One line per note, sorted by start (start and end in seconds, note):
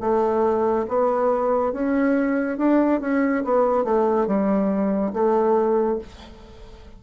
0.00 0.86 A3
0.88 1.73 B3
1.73 2.58 C#4
2.58 3.00 D4
3.00 3.43 C#4
3.44 3.84 B3
3.84 4.27 A3
4.27 5.12 G3
5.13 5.98 A3